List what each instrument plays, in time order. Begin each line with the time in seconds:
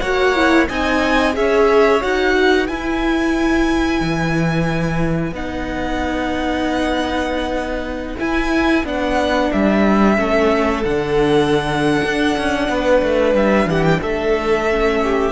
0.00 cello A#3, viola F#4, violin C#5 F#5
0.36 viola E4
0.69 cello C4, viola D#4, violin D#5 G#5
1.33 cello C#4, viola G#4, violin C#5 E5
2.02 cello D#4, viola F#4, violin F#5
2.35 violin B4
2.67 viola E4, cello E4, violin G#5
4.01 cello E3
5.32 cello B3, viola D#4, violin F#5
8.19 viola E4, cello E4, violin G#5
8.85 cello B3, viola D4, violin F#5
9.52 cello G3, violin E5
10.16 cello A3, viola C#4, violin A4
10.84 cello D3, viola D4, violin F#5
12.04 cello D4
12.38 cello C#4
12.69 cello B3, violin B4
13.03 cello A3
13.35 cello G3, violin E5
13.66 cello E3, violin G4 F#5
13.84 violin G5
14.01 cello A3, violin A4 E5
14.70 viola C#4
15.04 violin G4